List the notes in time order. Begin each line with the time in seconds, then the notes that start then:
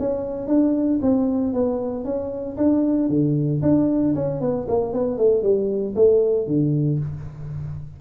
0.00 C#4
0.48 D4
1.02 C4
1.54 B3
2.05 C#4
2.58 D4
3.10 D3
3.63 D4
4.15 C#4
4.41 B3
4.69 A#3
4.93 B3
5.18 A3
5.43 G3
5.96 A3
6.47 D3